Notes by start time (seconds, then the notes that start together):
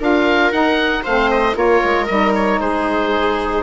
0.00 D4 F4 A#4 F5
0.52 D#4 F#5
1.04 A3 C4 C5 F5
1.31 D#5
1.55 A#3 F4 A#4 C#5
1.84 G#3
2.07 G3 D#4 D#5
2.35 C#5
2.61 G#3 G#4 C5